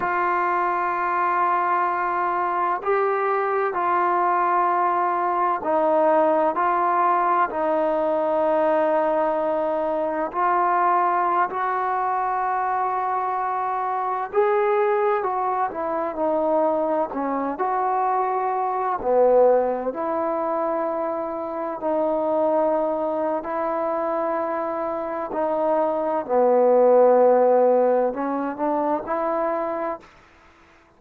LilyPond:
\new Staff \with { instrumentName = "trombone" } { \time 4/4 \tempo 4 = 64 f'2. g'4 | f'2 dis'4 f'4 | dis'2. f'4~ | f'16 fis'2. gis'8.~ |
gis'16 fis'8 e'8 dis'4 cis'8 fis'4~ fis'16~ | fis'16 b4 e'2 dis'8.~ | dis'4 e'2 dis'4 | b2 cis'8 d'8 e'4 | }